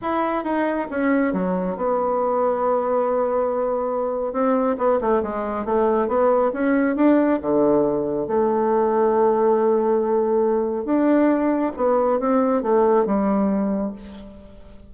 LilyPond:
\new Staff \with { instrumentName = "bassoon" } { \time 4/4 \tempo 4 = 138 e'4 dis'4 cis'4 fis4 | b1~ | b2 c'4 b8 a8 | gis4 a4 b4 cis'4 |
d'4 d2 a4~ | a1~ | a4 d'2 b4 | c'4 a4 g2 | }